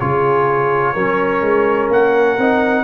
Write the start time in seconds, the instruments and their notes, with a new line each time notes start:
0.00 tuba C#3, trombone F4, horn G#4, trumpet C#5
0.94 tuba F#3, trombone C#4, horn A#4
1.42 tuba G#3
1.91 tuba A#3, trumpet F#5
2.38 tuba C4, trombone D#4